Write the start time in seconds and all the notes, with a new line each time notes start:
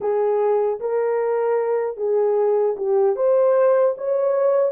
0.00 G#4
0.80 A#4
1.96 G#4
2.76 G4
3.16 C5
3.97 C#5